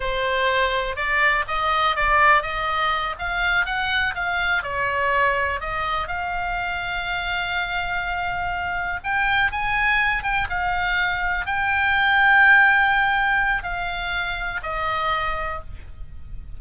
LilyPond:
\new Staff \with { instrumentName = "oboe" } { \time 4/4 \tempo 4 = 123 c''2 d''4 dis''4 | d''4 dis''4. f''4 fis''8~ | fis''8 f''4 cis''2 dis''8~ | dis''8 f''2.~ f''8~ |
f''2~ f''8 g''4 gis''8~ | gis''4 g''8 f''2 g''8~ | g''1 | f''2 dis''2 | }